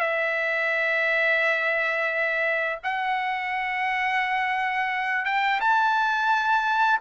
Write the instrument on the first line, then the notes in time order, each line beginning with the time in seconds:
trumpet
0.00 E5
2.84 F#5
5.25 G5
5.60 A5